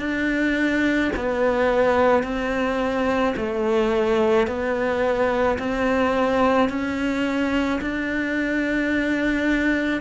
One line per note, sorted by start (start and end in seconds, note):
0.00 1.11 D4
1.16 2.24 B3
2.24 3.35 C4
3.36 4.47 A3
4.47 5.59 B3
5.59 6.69 C4
6.69 7.80 C#4
7.82 10.02 D4